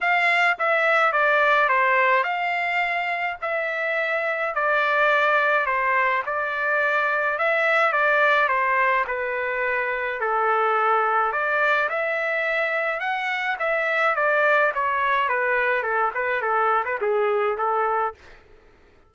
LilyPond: \new Staff \with { instrumentName = "trumpet" } { \time 4/4 \tempo 4 = 106 f''4 e''4 d''4 c''4 | f''2 e''2 | d''2 c''4 d''4~ | d''4 e''4 d''4 c''4 |
b'2 a'2 | d''4 e''2 fis''4 | e''4 d''4 cis''4 b'4 | a'8 b'8 a'8. b'16 gis'4 a'4 | }